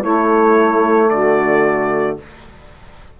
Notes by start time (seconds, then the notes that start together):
0.00 A3 E4 C#5
1.10 D3 F#4 D5